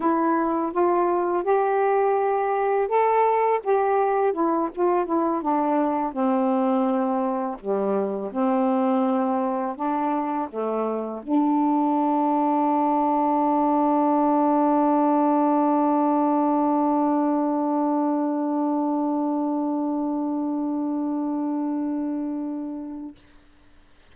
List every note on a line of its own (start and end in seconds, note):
0.00 0.72 E4
0.72 1.43 F4
1.43 2.88 G4
2.88 3.60 A4
3.63 4.32 G4
4.32 4.69 E4
4.74 5.05 F4
5.05 5.42 E4
5.42 6.12 D4
6.12 7.57 C4
7.59 8.31 G3
8.32 9.76 C4
9.76 10.48 D4
10.50 11.22 A3
11.22 23.15 D4